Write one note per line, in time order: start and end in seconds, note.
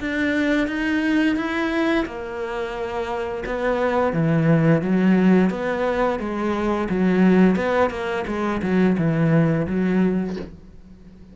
0.00 0.67 D4
0.67 1.36 D#4
1.36 2.05 E4
2.06 3.44 A#3
3.45 4.13 B3
4.13 4.82 E3
4.82 5.50 F#3
5.50 6.19 B3
6.19 6.88 G#3
6.89 7.55 F#3
7.55 7.90 B3
7.90 8.24 A#3
8.27 8.61 G#3
8.62 8.97 F#3
8.97 9.66 E3
9.67 10.36 F#3